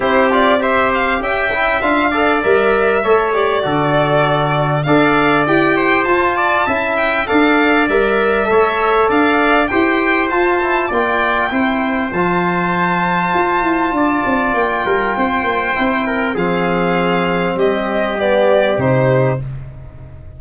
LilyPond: <<
  \new Staff \with { instrumentName = "violin" } { \time 4/4 \tempo 4 = 99 c''8 d''8 e''8 f''8 g''4 f''4 | e''4. d''2~ d''8 | f''4 g''4 a''4. g''8 | f''4 e''2 f''4 |
g''4 a''4 g''2 | a''1 | g''2. f''4~ | f''4 dis''4 d''4 c''4 | }
  \new Staff \with { instrumentName = "trumpet" } { \time 4/4 g'4 c''4 e''4. d''8~ | d''4 cis''4 a'2 | d''4. c''4 d''8 e''4 | d''2 cis''4 d''4 |
c''2 d''4 c''4~ | c''2. d''4~ | d''8 ais'8 c''4. ais'8 gis'4~ | gis'4 g'2. | }
  \new Staff \with { instrumentName = "trombone" } { \time 4/4 e'8 f'8 g'4. e'8 f'8 a'8 | ais'4 a'8 g'8 fis'2 | a'4 g'4 f'4 e'4 | a'4 ais'4 a'2 |
g'4 f'8 e'8 f'4 e'4 | f'1~ | f'2 e'4 c'4~ | c'2 b4 dis'4 | }
  \new Staff \with { instrumentName = "tuba" } { \time 4/4 c'2 cis'4 d'4 | g4 a4 d2 | d'4 e'4 f'4 cis'4 | d'4 g4 a4 d'4 |
e'4 f'4 ais4 c'4 | f2 f'8 e'8 d'8 c'8 | ais8 g8 c'8 ais8 c'4 f4~ | f4 g2 c4 | }
>>